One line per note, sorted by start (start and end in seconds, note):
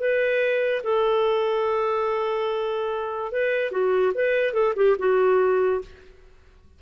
0.00 0.83 B4
0.84 3.32 A4
3.32 3.72 B4
3.72 4.13 F#4
4.15 4.54 B4
4.54 4.74 A4
4.76 4.97 G4
4.99 5.82 F#4